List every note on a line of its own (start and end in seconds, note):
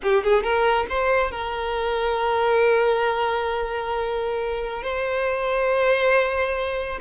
0.02 0.23 G4
0.23 0.43 G#4
0.43 0.86 A#4
0.89 1.31 C5
1.31 4.82 A#4
4.82 6.98 C5